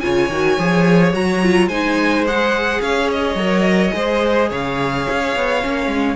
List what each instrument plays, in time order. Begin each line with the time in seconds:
0.00 cello C#3, viola F4, violin C#5 G#5
0.29 cello D#3, viola F#4
0.59 cello F3, viola G#4
1.13 cello F#3, viola F#4, violin A#5
1.43 viola F4
1.67 cello G#3, viola D#4, violin C5 G#5
2.27 viola G#4, violin F#5
2.81 cello C#4, violin C#5 F5
3.12 violin D#5
3.35 cello F#3, viola A#4
3.91 cello G#3, viola G#4, violin C5
4.49 cello C#3, violin C#5 F5
5.09 cello C#4
5.36 cello B3
5.62 cello A#3, viola C#4
5.87 cello G#3